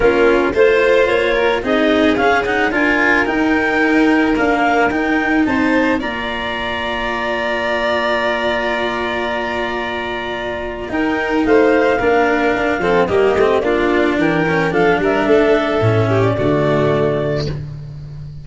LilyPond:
<<
  \new Staff \with { instrumentName = "clarinet" } { \time 4/4 \tempo 4 = 110 ais'4 c''4 cis''4 dis''4 | f''8 fis''8 gis''4 g''2 | f''4 g''4 a''4 ais''4~ | ais''1~ |
ais''1 | g''4 f''2. | dis''4 d''4 g''4 f''8 e''8~ | e''4.~ e''16 d''2~ d''16 | }
  \new Staff \with { instrumentName = "violin" } { \time 4/4 f'4 c''4. ais'8 gis'4~ | gis'4 ais'2.~ | ais'2 c''4 d''4~ | d''1~ |
d''1 | ais'4 c''4 ais'4. a'8 | g'4 f'4 ais'4 a'8 ais'8 | a'4. g'8 fis'2 | }
  \new Staff \with { instrumentName = "cello" } { \time 4/4 cis'4 f'2 dis'4 | cis'8 dis'8 f'4 dis'2 | ais4 dis'2 f'4~ | f'1~ |
f'1 | dis'2 d'4. c'8 | ais8 c'8 d'4. cis'8 d'4~ | d'4 cis'4 a2 | }
  \new Staff \with { instrumentName = "tuba" } { \time 4/4 ais4 a4 ais4 c'4 | cis'4 d'4 dis'2 | d'4 dis'4 c'4 ais4~ | ais1~ |
ais1 | dis'4 a4 ais4 d'8 f8 | g8 a8 ais4 e4 f8 g8 | a4 a,4 d2 | }
>>